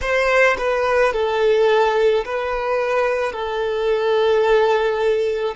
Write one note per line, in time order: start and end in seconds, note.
0.01 0.56 C5
0.58 1.13 B4
1.13 2.24 A4
2.25 3.32 B4
3.32 5.55 A4